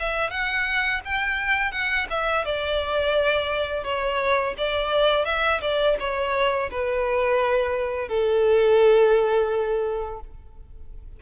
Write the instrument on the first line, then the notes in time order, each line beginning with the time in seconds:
violin
0.00 E5
0.31 F#5
1.05 G5
1.72 F#5
2.10 E5
2.45 D5
3.84 C#5
4.58 D5
5.26 E5
5.62 D5
6.00 C#5
6.71 B4
8.09 A4